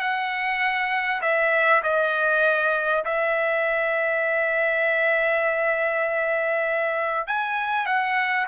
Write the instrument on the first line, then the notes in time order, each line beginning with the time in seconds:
trumpet
0.00 F#5
1.21 E5
1.83 D#5
3.05 E5
7.27 G#5
7.86 F#5